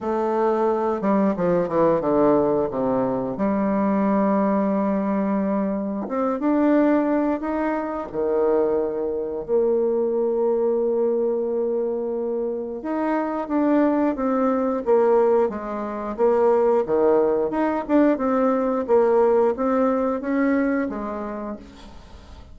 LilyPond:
\new Staff \with { instrumentName = "bassoon" } { \time 4/4 \tempo 4 = 89 a4. g8 f8 e8 d4 | c4 g2.~ | g4 c'8 d'4. dis'4 | dis2 ais2~ |
ais2. dis'4 | d'4 c'4 ais4 gis4 | ais4 dis4 dis'8 d'8 c'4 | ais4 c'4 cis'4 gis4 | }